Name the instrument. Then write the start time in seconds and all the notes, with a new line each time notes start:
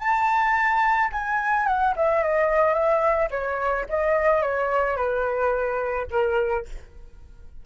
flute
0.00 A5
1.13 G#5
1.67 F#5
1.97 E5
2.23 D#5
2.74 E5
3.31 C#5
3.89 D#5
4.42 C#5
4.97 B4
6.11 A#4